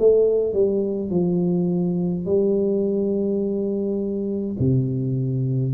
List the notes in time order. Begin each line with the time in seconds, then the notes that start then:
0.00 A3
0.53 G3
1.11 F3
2.26 G3
4.60 C3